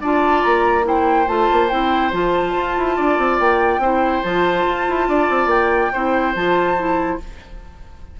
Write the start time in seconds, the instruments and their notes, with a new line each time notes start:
0.00 bassoon D4, clarinet F4, oboe D5, flute A5
0.42 bassoon A#3, flute A#5
0.83 clarinet E4, oboe C5, flute G5
1.27 bassoon A3, clarinet F4, flute A5
1.52 bassoon A#3
1.69 bassoon C4, clarinet E4, flute G5
2.12 bassoon F3, clarinet F4, flute A5
2.55 bassoon F4
2.77 bassoon E4
2.96 bassoon D4, oboe D5
3.18 bassoon C4
3.39 bassoon A#3, flute G5
3.78 bassoon C4, clarinet E4, oboe C5
4.23 bassoon F3, clarinet F4, flute A5
4.66 bassoon F4
4.88 bassoon E4
5.08 bassoon D4, oboe D5
5.29 bassoon C4
5.46 bassoon A#3, flute G5
5.93 bassoon C4, clarinet E4, oboe C5
6.35 bassoon F3, clarinet F4, flute A5
6.77 clarinet E4